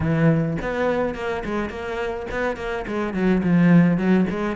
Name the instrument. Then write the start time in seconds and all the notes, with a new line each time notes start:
cello
0.00 E3
0.61 B3
1.14 A#3
1.44 G#3
1.69 A#3
2.30 B3
2.56 A#3
2.87 G#3
3.13 F#3
3.43 F3
3.97 F#3
4.30 G#3